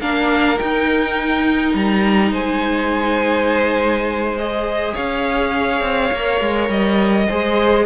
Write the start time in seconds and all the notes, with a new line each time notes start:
0.00 A#3 D4 A#4 F5
0.57 D#4 G5
1.74 G3 A#5
2.31 G#3 C5 G#5
4.38 G#4 D#5
4.93 C#4 C#5 F5
5.81 C4
6.12 A#3 A#4
6.40 G#3
6.68 G3 D#5
7.27 G#3 G#4 C5